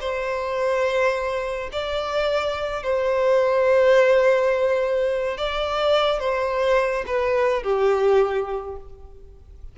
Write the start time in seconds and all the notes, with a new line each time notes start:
0.00 C5
1.72 D5
2.83 C5
5.37 D5
6.19 C5
7.06 B4
7.63 G4